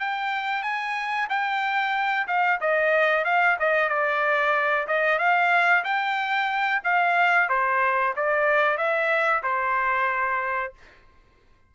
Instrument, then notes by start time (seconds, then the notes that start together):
trumpet
0.00 G5
0.63 G#5
1.29 G5
2.27 F5
2.61 D#5
3.24 F5
3.60 D#5
3.89 D5
4.87 D#5
5.18 F5
5.84 G5
6.84 F5
7.49 C5
8.16 D5
8.77 E5
9.43 C5